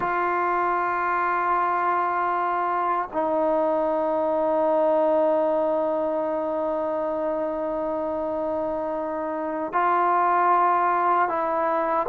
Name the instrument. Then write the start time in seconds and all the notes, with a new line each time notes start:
trombone
0.00 F4
3.12 D#4
9.73 F4
11.28 E4